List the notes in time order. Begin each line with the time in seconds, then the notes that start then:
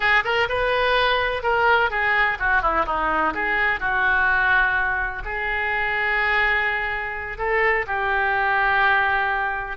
0.00 G#4
0.24 A#4
0.48 B4
1.42 A#4
1.90 G#4
2.39 F#4
2.61 E4
2.85 D#4
3.34 G#4
3.80 F#4
5.24 G#4
7.38 A4
7.86 G4